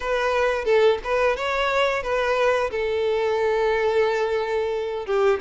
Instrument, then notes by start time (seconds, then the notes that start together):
violin
0.00 B4
0.64 A4
1.04 B4
1.36 C#5
2.02 B4
2.71 A4
5.06 G4